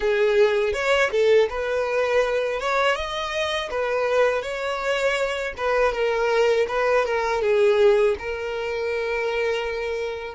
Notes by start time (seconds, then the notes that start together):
0.00 G#4
0.73 C#5
1.11 A4
1.49 B4
2.60 C#5
2.95 D#5
3.70 B4
4.42 C#5
5.57 B4
5.92 A#4
6.68 B4
7.05 A#4
7.41 G#4
8.18 A#4